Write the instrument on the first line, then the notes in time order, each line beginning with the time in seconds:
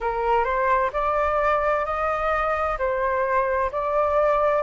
flute
0.00 A#4
0.44 C5
0.92 D5
1.85 D#5
2.78 C5
3.71 D5